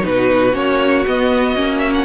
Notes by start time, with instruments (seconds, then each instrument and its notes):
0.00 cello B2, viola D#4, violin F#4 B4
0.53 cello A#3, viola C#4, violin C#5
1.06 cello B3, viola B3, violin D#5
1.55 cello A#3, viola C#4
1.79 violin E5
1.93 violin F#5